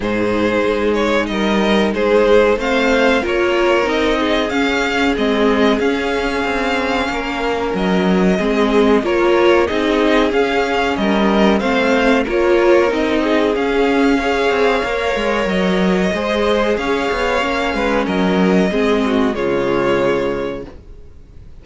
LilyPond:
<<
  \new Staff \with { instrumentName = "violin" } { \time 4/4 \tempo 4 = 93 c''4. cis''8 dis''4 c''4 | f''4 cis''4 dis''4 f''4 | dis''4 f''2. | dis''2 cis''4 dis''4 |
f''4 dis''4 f''4 cis''4 | dis''4 f''2. | dis''2 f''2 | dis''2 cis''2 | }
  \new Staff \with { instrumentName = "violin" } { \time 4/4 gis'2 ais'4 gis'4 | c''4 ais'4. gis'4.~ | gis'2. ais'4~ | ais'4 gis'4 ais'4 gis'4~ |
gis'4 ais'4 c''4 ais'4~ | ais'8 gis'4. cis''2~ | cis''4 c''4 cis''4. b'8 | ais'4 gis'8 fis'8 f'2 | }
  \new Staff \with { instrumentName = "viola" } { \time 4/4 dis'1 | c'4 f'4 dis'4 cis'4 | c'4 cis'2.~ | cis'4 c'4 f'4 dis'4 |
cis'2 c'4 f'4 | dis'4 cis'4 gis'4 ais'4~ | ais'4 gis'2 cis'4~ | cis'4 c'4 gis2 | }
  \new Staff \with { instrumentName = "cello" } { \time 4/4 gis,4 gis4 g4 gis4 | a4 ais4 c'4 cis'4 | gis4 cis'4 c'4 ais4 | fis4 gis4 ais4 c'4 |
cis'4 g4 a4 ais4 | c'4 cis'4. c'8 ais8 gis8 | fis4 gis4 cis'8 b8 ais8 gis8 | fis4 gis4 cis2 | }
>>